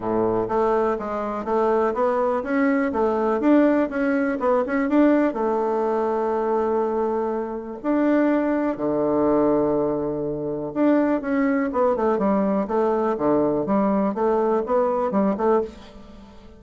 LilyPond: \new Staff \with { instrumentName = "bassoon" } { \time 4/4 \tempo 4 = 123 a,4 a4 gis4 a4 | b4 cis'4 a4 d'4 | cis'4 b8 cis'8 d'4 a4~ | a1 |
d'2 d2~ | d2 d'4 cis'4 | b8 a8 g4 a4 d4 | g4 a4 b4 g8 a8 | }